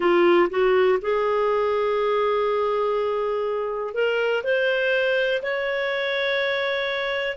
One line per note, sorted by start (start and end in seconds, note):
0.00 0.49 F4
0.49 0.99 F#4
1.01 3.94 G#4
3.94 4.43 A#4
4.43 5.41 C5
5.42 7.37 C#5